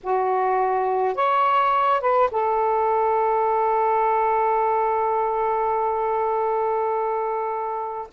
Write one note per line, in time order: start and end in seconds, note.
0.03 1.14 F#4
1.14 2.00 C#5
2.00 2.29 B4
2.31 8.08 A4